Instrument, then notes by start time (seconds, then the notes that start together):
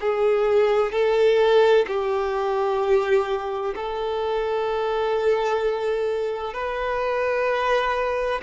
violin
0.00 G#4
0.92 A4
1.87 G4
3.75 A4
6.53 B4